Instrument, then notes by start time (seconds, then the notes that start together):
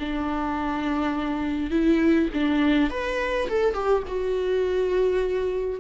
viola
0.00 D4
1.71 E4
2.34 D4
2.90 B4
3.50 A4
3.74 G4
4.08 F#4